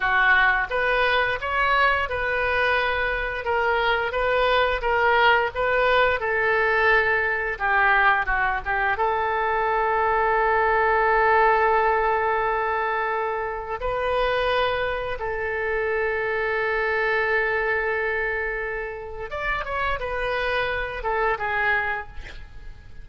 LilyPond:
\new Staff \with { instrumentName = "oboe" } { \time 4/4 \tempo 4 = 87 fis'4 b'4 cis''4 b'4~ | b'4 ais'4 b'4 ais'4 | b'4 a'2 g'4 | fis'8 g'8 a'2.~ |
a'1 | b'2 a'2~ | a'1 | d''8 cis''8 b'4. a'8 gis'4 | }